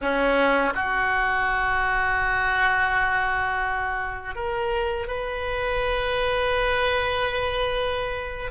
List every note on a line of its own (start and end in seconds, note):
0.01 0.73 C#4
0.74 4.35 F#4
4.35 5.07 A#4
5.07 8.50 B4